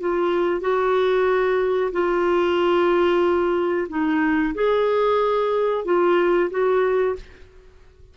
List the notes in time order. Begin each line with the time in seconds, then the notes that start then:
0.00 F4
0.61 F#4
1.92 F4
3.89 D#4
4.54 G#4
5.85 F4
6.50 F#4